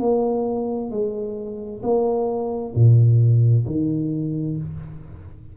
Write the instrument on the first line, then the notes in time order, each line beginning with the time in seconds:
tuba
0.00 A#3
0.91 G#3
1.83 A#3
2.76 A#2
3.67 D#3